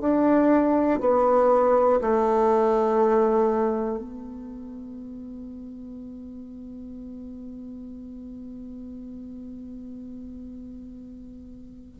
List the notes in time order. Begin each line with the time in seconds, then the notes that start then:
0.00 D4
1.00 B3
2.00 A3
3.98 B3